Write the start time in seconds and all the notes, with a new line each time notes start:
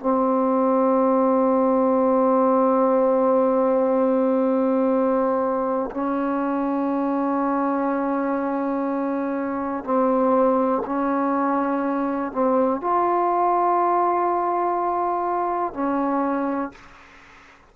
0.00 C4
5.91 C#4
9.85 C4
10.86 C#4
12.32 C4
12.81 F4
15.74 C#4